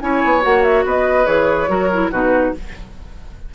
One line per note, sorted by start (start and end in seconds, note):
0.00 0.23 C#4
0.00 0.42 E4
0.00 0.85 C#5
0.00 0.42 G#5
0.25 0.45 B3
0.42 0.84 A#3
0.42 1.25 F#4
0.42 0.62 F#5
0.62 0.84 E5
0.84 1.27 B3
0.84 1.70 B4
0.84 1.26 D#5
1.25 1.68 E3
1.25 1.67 G#4
1.25 2.11 C#5
1.68 2.11 F#3
1.68 1.89 F#4
1.68 2.11 A#4
1.93 2.12 E4
2.11 2.54 B2
2.11 2.55 D#4
2.11 2.54 F#4
2.11 2.55 B4